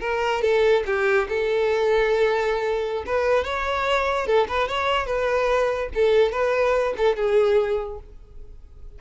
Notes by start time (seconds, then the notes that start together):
0.00 A#4
0.42 A4
0.86 G4
1.28 A4
3.06 B4
3.44 C#5
4.26 A4
4.48 B4
4.68 C#5
5.06 B4
5.94 A4
6.31 B4
6.96 A4
7.16 G#4